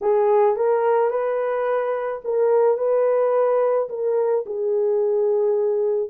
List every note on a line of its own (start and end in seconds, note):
0.01 0.56 G#4
0.56 1.10 A#4
1.10 2.21 B4
2.24 2.77 A#4
2.77 3.88 B4
3.89 4.44 A#4
4.46 6.10 G#4